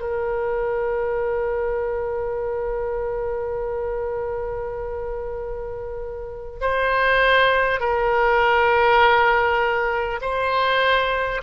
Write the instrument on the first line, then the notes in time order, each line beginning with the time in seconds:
oboe
0.00 A#4
6.61 C5
7.79 A#4
10.21 C5